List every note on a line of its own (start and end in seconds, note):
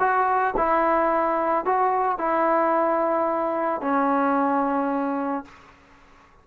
0.00 0.55 F#4
0.57 1.66 E4
1.66 2.19 F#4
2.19 3.81 E4
3.81 5.45 C#4